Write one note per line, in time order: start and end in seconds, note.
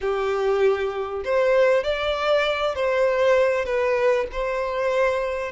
0.00 1.23 G4
1.24 1.83 C5
1.83 2.75 D5
2.75 3.65 C5
3.65 4.26 B4
4.32 5.52 C5